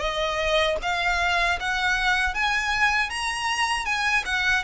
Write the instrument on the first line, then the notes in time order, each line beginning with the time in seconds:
violin
0.00 D#5
0.83 F5
1.60 F#5
2.35 G#5
3.10 A#5
3.86 G#5
4.26 F#5